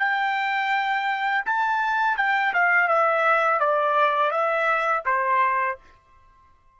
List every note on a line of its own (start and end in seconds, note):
0.00 1.45 G5
1.46 2.17 A5
2.17 2.53 G5
2.54 2.88 F5
2.88 3.60 E5
3.60 4.31 D5
4.31 5.04 E5
5.06 5.78 C5